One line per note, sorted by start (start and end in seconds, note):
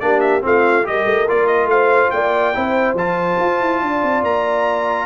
0.00 0.44 A#3
0.00 0.41 D4
0.00 0.46 G4
0.00 0.20 D5
0.20 0.42 E5
0.41 0.87 A3
0.41 0.84 C4
0.41 0.88 F4
0.41 0.87 F5
0.84 1.06 G3
0.84 1.26 G4
0.84 1.72 A#4
0.84 1.29 D#5
1.06 1.27 A3
1.28 1.66 A#3
1.28 2.54 F4
1.28 1.47 D5
1.47 1.68 D#5
1.66 2.08 A3
1.66 2.14 C5
1.66 2.11 F5
2.11 2.55 A#3
2.11 2.56 D5
2.11 2.96 G5
2.54 2.94 C4
2.54 2.96 E4
2.54 3.83 C5
2.94 3.36 F3
2.94 5.06 F4
2.94 4.25 A5
3.40 3.61 F4
3.61 3.82 E4
3.82 4.03 D4
3.82 5.06 D5
4.03 4.23 C4
4.23 5.06 A#3
4.23 5.06 A#5